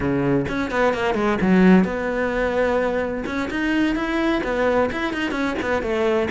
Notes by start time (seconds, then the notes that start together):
0.00 C#3
0.48 C#4
0.70 B3
0.93 A#3
1.14 G#3
1.41 F#3
1.84 B3
3.26 C#4
3.50 D#4
3.95 E4
4.43 B3
4.92 E4
5.13 D#4
5.31 C#4
5.62 B3
5.82 A3